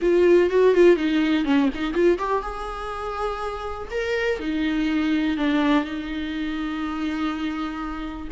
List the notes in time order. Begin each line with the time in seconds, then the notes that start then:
0.01 F4
0.50 F#4
0.74 F4
0.96 D#4
1.45 C#4
1.74 D#4
1.93 F4
2.18 G4
2.42 G#4
3.90 A#4
4.39 D#4
5.37 D4
5.84 D#4